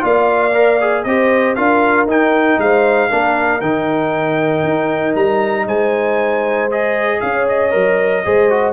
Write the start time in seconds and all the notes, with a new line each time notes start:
0.00 A#3 F4 D5 F5
0.54 A#4
0.81 G#4
1.04 C4 G4 C5 D#5
1.55 D4 F4 A#4 F5
2.06 D#4 G5
2.58 G#3 C5 F5
3.09 A#3 D4 A#4
3.61 D#3 D#4 G5
4.63 D#4
5.15 G3 A#5
5.66 G#3 C5 G#5
6.71 G#4 D#5
7.20 C#4 C#5 F5
7.49 D#5
7.71 F#3 A#4
8.25 G#3 G#4 C5
8.50 F#4